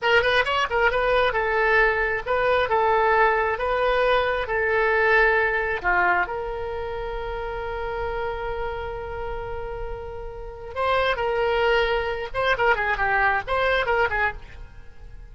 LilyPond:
\new Staff \with { instrumentName = "oboe" } { \time 4/4 \tempo 4 = 134 ais'8 b'8 cis''8 ais'8 b'4 a'4~ | a'4 b'4 a'2 | b'2 a'2~ | a'4 f'4 ais'2~ |
ais'1~ | ais'1 | c''4 ais'2~ ais'8 c''8 | ais'8 gis'8 g'4 c''4 ais'8 gis'8 | }